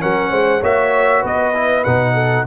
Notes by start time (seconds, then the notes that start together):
0.00 F#3 C#4 A#4 F#5
0.31 G#3 C5
0.60 A#3 F#4 C#5 E5
1.21 B3 B4 D#5
1.54 E4
1.84 B2 D#4 F#5
2.14 A4